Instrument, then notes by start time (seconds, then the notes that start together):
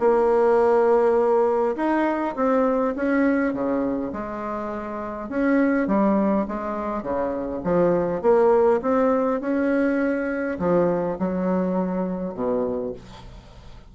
bassoon
0.00 A#3
1.76 D#4
2.36 C4
2.96 C#4
3.54 C#3
4.13 G#3
5.29 C#4
5.88 G3
6.48 G#3
7.03 C#3
7.64 F3
8.22 A#3
8.82 C4
9.41 C#4
10.59 F3
11.19 F#3
12.35 B2